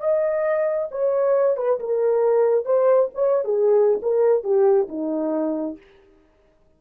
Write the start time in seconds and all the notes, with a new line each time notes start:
0.00 D#5
0.91 C#5
1.57 B4
1.80 A#4
2.65 C5
3.15 C#5
3.45 G#4
4.02 A#4
4.44 G4
4.88 D#4